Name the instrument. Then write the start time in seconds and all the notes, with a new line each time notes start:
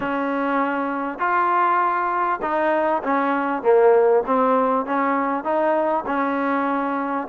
trombone
0.00 C#4
1.18 F4
2.42 D#4
3.03 C#4
3.62 A#3
4.26 C4
4.85 C#4
5.44 D#4
6.06 C#4